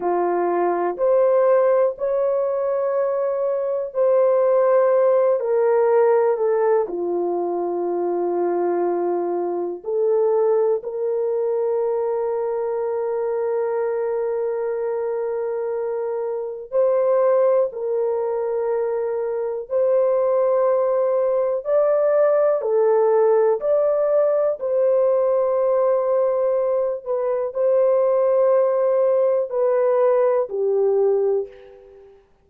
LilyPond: \new Staff \with { instrumentName = "horn" } { \time 4/4 \tempo 4 = 61 f'4 c''4 cis''2 | c''4. ais'4 a'8 f'4~ | f'2 a'4 ais'4~ | ais'1~ |
ais'4 c''4 ais'2 | c''2 d''4 a'4 | d''4 c''2~ c''8 b'8 | c''2 b'4 g'4 | }